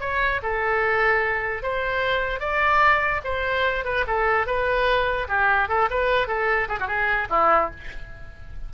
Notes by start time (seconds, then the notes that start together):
0.00 C#5
0.42 A4
1.62 C5
2.39 D5
3.24 C5
3.84 B4
4.07 A4
4.46 B4
5.28 G4
5.68 A4
5.90 B4
6.27 A4
6.68 G#4
6.79 F#4
6.87 G#4
7.30 E4